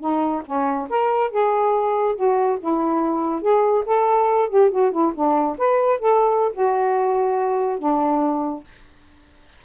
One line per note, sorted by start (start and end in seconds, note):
0.00 0.43 D#4
0.46 0.88 C#4
0.90 1.31 A#4
1.31 2.16 G#4
2.16 2.58 F#4
2.60 3.42 E4
3.42 3.84 G#4
3.86 4.50 A4
4.50 4.71 G4
4.71 4.92 F#4
4.92 5.13 E4
5.15 5.57 D4
5.58 5.99 B4
5.99 6.52 A4
6.53 7.79 F#4
7.79 8.64 D4